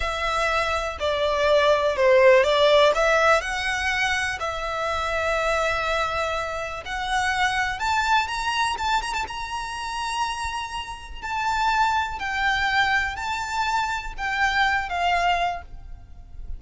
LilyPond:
\new Staff \with { instrumentName = "violin" } { \time 4/4 \tempo 4 = 123 e''2 d''2 | c''4 d''4 e''4 fis''4~ | fis''4 e''2.~ | e''2 fis''2 |
a''4 ais''4 a''8 ais''16 a''16 ais''4~ | ais''2. a''4~ | a''4 g''2 a''4~ | a''4 g''4. f''4. | }